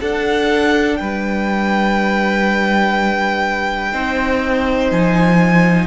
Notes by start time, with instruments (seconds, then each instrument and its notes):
0.00 viola D4, cello D4, violin A4 F#5
0.96 cello G3, violin B4 G5
3.91 cello C4, viola D#4, violin C5
4.91 cello F3, violin G#5